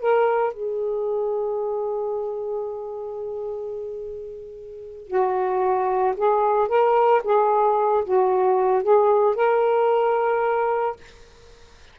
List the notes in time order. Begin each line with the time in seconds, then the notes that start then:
0.00 A#4
0.54 G#4
5.07 F#4
6.17 G#4
6.68 A#4
7.24 G#4
8.05 F#4
8.83 G#4
9.36 A#4